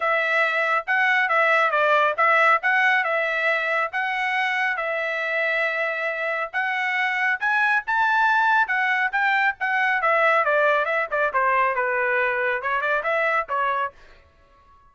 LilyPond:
\new Staff \with { instrumentName = "trumpet" } { \time 4/4 \tempo 4 = 138 e''2 fis''4 e''4 | d''4 e''4 fis''4 e''4~ | e''4 fis''2 e''4~ | e''2. fis''4~ |
fis''4 gis''4 a''2 | fis''4 g''4 fis''4 e''4 | d''4 e''8 d''8 c''4 b'4~ | b'4 cis''8 d''8 e''4 cis''4 | }